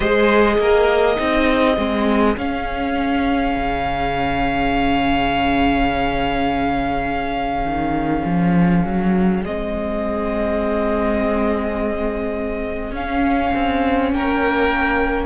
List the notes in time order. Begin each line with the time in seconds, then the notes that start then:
0.00 G#3 G#4 C5 D#5
0.58 A#3 A#4
1.15 C4 D#4 G#4
1.77 G#3 C4
2.37 C#4 F5
3.55 C#3
7.64 D#3
8.25 F3
8.84 F#3
9.43 G#3 C4 D#5
12.91 C#4 F5
13.54 C4
14.12 A#3 A#4 G5